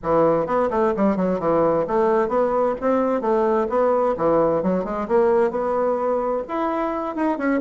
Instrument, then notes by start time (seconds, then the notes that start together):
bassoon
0.03 E3
0.46 B3
0.70 A3
0.96 G3
1.16 F#3
1.39 E3
1.87 A3
2.28 B3
2.80 C4
3.21 A3
3.69 B3
4.17 E3
4.63 F#3
4.84 G#3
5.08 A#3
5.50 B3
6.48 E4
7.15 D#4
7.37 C#4